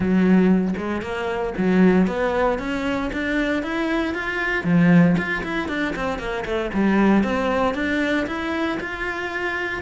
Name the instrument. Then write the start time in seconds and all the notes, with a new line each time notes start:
cello
0.00 F#3
0.77 G#3
1.02 A#3
1.57 F#3
2.07 B3
2.59 C#4
3.12 D4
3.63 E4
4.14 F4
4.64 F3
5.17 F4
5.43 E4
5.68 D4
5.95 C4
6.18 A#3
6.45 A3
6.73 G3
7.23 C4
7.74 D4
8.26 E4
8.80 F4